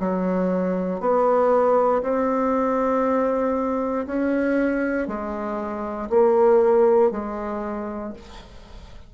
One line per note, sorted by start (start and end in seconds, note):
0.00 1.01 F#3
1.01 2.02 B3
2.03 4.06 C4
4.07 5.08 C#4
5.08 6.10 G#3
6.10 7.11 A#3
7.12 8.14 G#3